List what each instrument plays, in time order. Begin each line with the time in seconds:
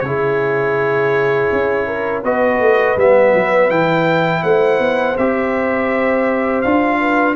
0.00 tuba C#3, trombone E4, trumpet C#5
0.07 horn G#4
1.52 tuba C#4
1.87 horn A#4
2.22 tuba B3, trombone F#4, horn B4, trumpet D#5
2.59 tuba A3
2.96 tuba G3, trombone B3, trumpet E5
3.34 tuba F#3
3.70 tuba E3, trombone E4, trumpet G5
4.43 tuba A3, horn C5, trumpet F#5
4.79 tuba B3
5.17 tuba C4, trombone G4, trumpet E5
6.61 tuba D4, trombone F4, trumpet F5
7.00 horn B4